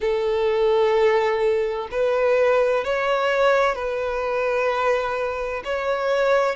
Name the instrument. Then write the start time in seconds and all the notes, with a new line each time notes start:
violin
0.00 A4
1.90 B4
2.84 C#5
3.75 B4
5.64 C#5